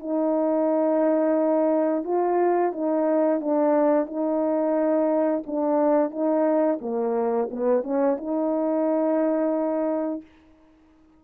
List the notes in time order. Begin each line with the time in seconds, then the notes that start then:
0.00 D#4
2.04 F4
2.72 D#4
3.41 D4
4.07 D#4
5.47 D4
6.11 D#4
6.81 A#3
7.51 B3
7.83 C#4
8.17 D#4